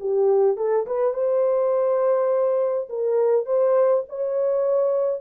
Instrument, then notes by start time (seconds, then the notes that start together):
horn
0.00 G4
0.57 A4
0.87 B4
1.14 C5
2.89 A#4
3.46 C5
4.09 C#5